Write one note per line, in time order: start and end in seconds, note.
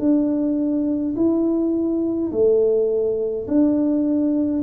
0.00 1.15 D4
1.16 2.32 E4
2.32 3.47 A3
3.48 4.63 D4